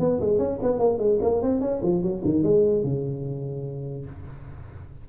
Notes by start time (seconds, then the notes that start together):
0.00 B3
0.21 G#3
0.39 C#4
0.63 B3
0.79 A#3
0.99 G#3
1.22 A#3
1.42 C4
1.61 C#4
1.83 F3
2.03 F#3
2.25 D#3
2.43 G#3
2.84 C#3